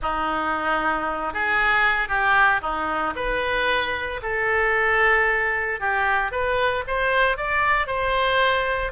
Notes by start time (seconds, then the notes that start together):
0.02 D#4
1.33 G#4
2.08 G4
2.61 D#4
3.15 B4
4.22 A4
5.79 G4
6.31 B4
6.87 C5
7.37 D5
7.87 C5